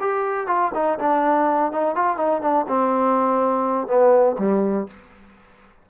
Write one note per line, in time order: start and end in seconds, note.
0.00 0.47 G4
0.47 0.71 F4
0.74 0.98 D#4
0.99 1.72 D4
1.72 1.95 D#4
1.95 2.17 F4
2.17 2.41 D#4
2.41 2.66 D4
2.68 3.87 C4
3.87 4.36 B3
4.39 4.87 G3